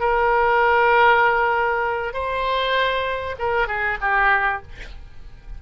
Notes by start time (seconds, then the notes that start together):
0.00 A#4
2.13 C5
3.38 A#4
3.67 G#4
4.01 G4